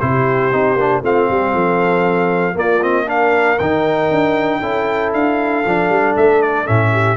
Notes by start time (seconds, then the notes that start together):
0.00 C3 E4 G4 C5
0.52 C4 D#4
0.76 A#3 D4
1.03 A3 C4 F4 F5
1.27 G3 G4
1.53 F3 A4
2.54 A#3 F4 D5
2.83 C4 D#5
3.06 D4 A#4 F5
3.59 D#3 D#4 G5
4.10 D4
4.60 C#4 E4 A4
5.13 D4 F5
5.66 F3 D4
5.90 G3
6.17 A3 E5
6.42 D5
6.65 A2 C#4 E5
6.93 G4